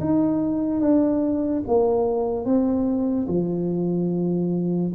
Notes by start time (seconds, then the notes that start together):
0.00 D#4
0.80 D4
1.67 A#3
2.45 C4
3.28 F3